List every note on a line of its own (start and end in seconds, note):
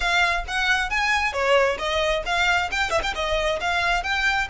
0.00 0.44 F5
0.47 0.90 F#5
0.90 1.32 G#5
1.32 1.77 C#5
1.78 2.23 D#5
2.25 2.70 F5
2.71 2.90 G5
2.90 3.01 E5
3.02 3.13 G5
3.14 3.59 D#5
3.60 4.03 F5
4.03 4.48 G5